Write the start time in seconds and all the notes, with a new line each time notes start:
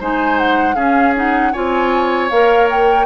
0.00 G#3 D#4 C5 G#5
0.38 F#5
0.75 C#4 G#4 F5
1.15 D#4 F#5
1.53 C4 F4 C#5 G#5
2.30 A#3 A#4 F5
2.70 G5